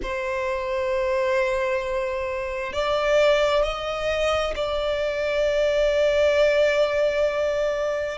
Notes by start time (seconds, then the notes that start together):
0.02 C5
2.72 D5
3.63 D#5
4.55 D5